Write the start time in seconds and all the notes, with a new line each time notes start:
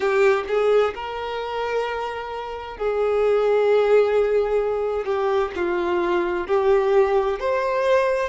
0.00 G4
0.47 G#4
0.94 A#4
2.77 G#4
5.05 G4
5.55 F4
6.47 G4
7.39 C5